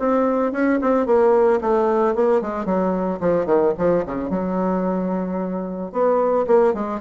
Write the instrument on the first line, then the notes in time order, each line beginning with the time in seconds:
bassoon
0.00 C4
0.53 C#4
0.82 C4
1.07 A#3
1.62 A3
2.15 A#3
2.42 G#3
2.66 F#3
3.21 F3
3.46 D#3
3.78 F3
4.06 C#3
4.30 F#3
5.93 B3
6.47 A#3
6.74 G#3